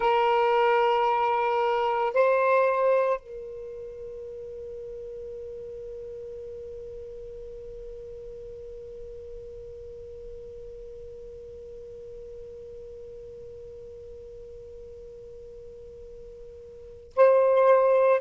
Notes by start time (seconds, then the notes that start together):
0.00 A#4
2.13 C5
3.19 A#4
17.15 C5